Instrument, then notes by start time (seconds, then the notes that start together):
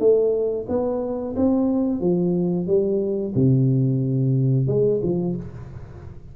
tuba
0.00 A3
0.69 B3
1.37 C4
2.01 F3
2.67 G3
3.35 C3
4.68 G#3
5.03 F3